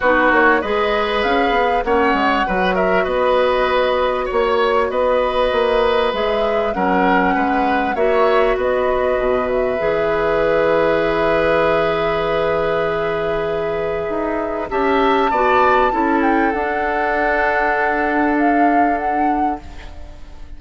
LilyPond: <<
  \new Staff \with { instrumentName = "flute" } { \time 4/4 \tempo 4 = 98 b'8 cis''8 dis''4 f''4 fis''4~ | fis''8 e''8 dis''2 cis''4 | dis''2 e''4 fis''4~ | fis''4 e''4 dis''4. e''8~ |
e''1~ | e''1 | a''2~ a''8 g''8 fis''4~ | fis''2 f''4 fis''4 | }
  \new Staff \with { instrumentName = "oboe" } { \time 4/4 fis'4 b'2 cis''4 | b'8 ais'8 b'2 cis''4 | b'2. ais'4 | b'4 cis''4 b'2~ |
b'1~ | b'1 | e''4 d''4 a'2~ | a'1 | }
  \new Staff \with { instrumentName = "clarinet" } { \time 4/4 dis'4 gis'2 cis'4 | fis'1~ | fis'2 gis'4 cis'4~ | cis'4 fis'2. |
gis'1~ | gis'1 | g'4 fis'4 e'4 d'4~ | d'1 | }
  \new Staff \with { instrumentName = "bassoon" } { \time 4/4 b8 ais8 gis4 cis'8 b8 ais8 gis8 | fis4 b2 ais4 | b4 ais4 gis4 fis4 | gis4 ais4 b4 b,4 |
e1~ | e2. dis'4 | cis'4 b4 cis'4 d'4~ | d'1 | }
>>